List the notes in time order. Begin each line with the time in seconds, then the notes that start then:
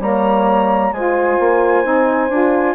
0.00 G3 A#3 C#5 A#5
0.92 G#3 F4 C5 G#5
1.40 A#3
1.84 C4 D#4
2.29 D4 F4